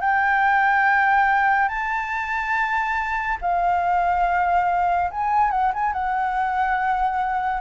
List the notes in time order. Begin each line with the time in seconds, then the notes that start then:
0.00 G5
1.68 A5
3.41 F5
5.10 G#5
5.50 F#5
5.73 G#5
5.93 F#5